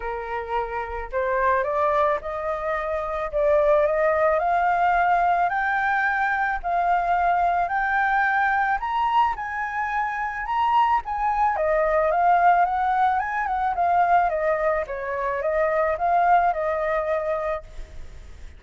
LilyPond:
\new Staff \with { instrumentName = "flute" } { \time 4/4 \tempo 4 = 109 ais'2 c''4 d''4 | dis''2 d''4 dis''4 | f''2 g''2 | f''2 g''2 |
ais''4 gis''2 ais''4 | gis''4 dis''4 f''4 fis''4 | gis''8 fis''8 f''4 dis''4 cis''4 | dis''4 f''4 dis''2 | }